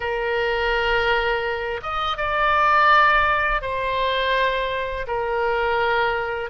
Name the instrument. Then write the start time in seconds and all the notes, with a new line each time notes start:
oboe
0.00 A#4
1.82 D#5
2.17 D5
3.61 C5
5.07 A#4